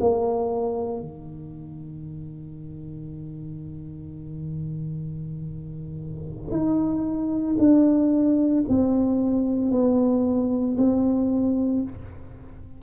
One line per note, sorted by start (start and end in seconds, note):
0.00 1.00 A#3
1.00 6.51 D#3
6.51 7.56 D#4
7.59 8.64 D4
8.68 9.71 C4
9.71 10.77 B3
10.78 11.83 C4